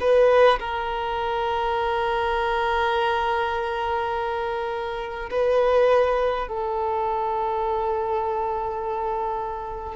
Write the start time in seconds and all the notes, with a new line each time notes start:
0.00 B4
0.59 A#4
5.30 B4
6.48 A4